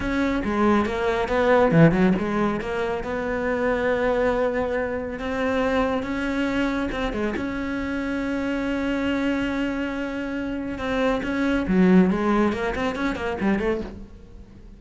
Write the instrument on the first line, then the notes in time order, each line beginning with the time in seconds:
cello
0.00 C#4
0.44 G#3
0.85 A#3
1.28 B3
1.71 E3
1.91 F#3
2.18 G#3
2.60 A#3
3.03 B3
5.19 C4
6.02 C#4
6.91 C4
7.12 G#3
7.36 C#4
10.78 C4
11.23 C#4
11.67 F#3
12.10 G#3
12.53 A#3
12.75 C4
12.95 C#4
13.15 A#3
13.40 G3
13.59 A3